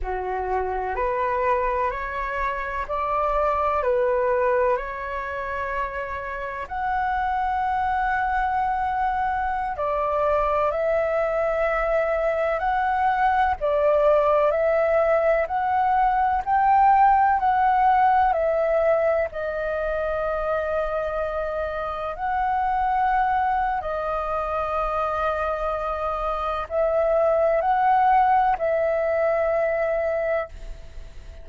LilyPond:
\new Staff \with { instrumentName = "flute" } { \time 4/4 \tempo 4 = 63 fis'4 b'4 cis''4 d''4 | b'4 cis''2 fis''4~ | fis''2~ fis''16 d''4 e''8.~ | e''4~ e''16 fis''4 d''4 e''8.~ |
e''16 fis''4 g''4 fis''4 e''8.~ | e''16 dis''2. fis''8.~ | fis''4 dis''2. | e''4 fis''4 e''2 | }